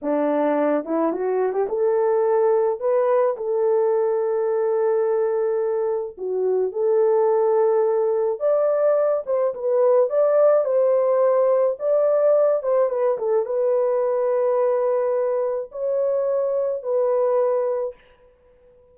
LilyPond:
\new Staff \with { instrumentName = "horn" } { \time 4/4 \tempo 4 = 107 d'4. e'8 fis'8. g'16 a'4~ | a'4 b'4 a'2~ | a'2. fis'4 | a'2. d''4~ |
d''8 c''8 b'4 d''4 c''4~ | c''4 d''4. c''8 b'8 a'8 | b'1 | cis''2 b'2 | }